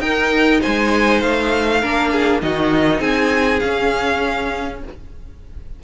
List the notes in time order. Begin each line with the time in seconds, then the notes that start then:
0.00 D#4 A#4 G5
0.60 C5 G#5
0.67 G#3
1.21 A3 F5
1.81 A#3 D4 A#4
2.12 G#4
2.42 D#3 D#4 F#4 D#5
3.00 C4 G#4 G#5
3.60 C#4 F5